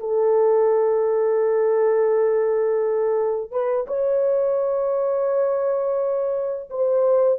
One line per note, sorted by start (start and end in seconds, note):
0.00 3.52 A4
3.52 3.87 B4
3.88 6.70 C#5
6.70 7.40 C5